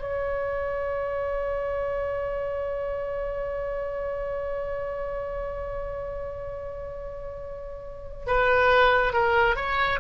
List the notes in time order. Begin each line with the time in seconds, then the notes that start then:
0.00 C#5
8.27 B4
9.13 A#4
9.56 C#5